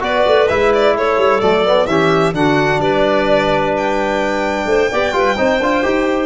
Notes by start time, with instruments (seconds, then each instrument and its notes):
0.00 tuba B3, trombone F#4, clarinet B4, violin D5
0.27 tuba A3
0.48 tuba G#3, trombone E4, violin E5
0.74 violin D5
0.96 tuba A3, clarinet A4, violin C#5
1.18 tuba G3
1.41 tuba F#3, trombone A3, violin D5
1.65 trombone B3
1.87 tuba E3, trombone C#4, clarinet G4, violin E5
2.34 tuba D3, trombone D4, clarinet F#4, violin F#5
2.79 tuba G3, clarinet B4, violin D5
3.77 violin G5
4.66 tuba A3, clarinet C5
4.91 tuba B3, trombone G4, clarinet D5
5.12 tuba G3, trombone F4, clarinet B4
5.37 tuba C4, trombone D#4, clarinet C5
5.60 tuba D4, trombone F4
5.83 tuba D#4, trombone G4